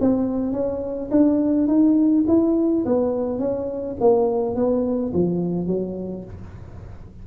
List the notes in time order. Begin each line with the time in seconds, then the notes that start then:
0.00 C4
0.52 C#4
1.11 D4
1.67 D#4
2.27 E4
2.85 B3
3.39 C#4
4.00 A#3
4.55 B3
5.13 F3
5.67 F#3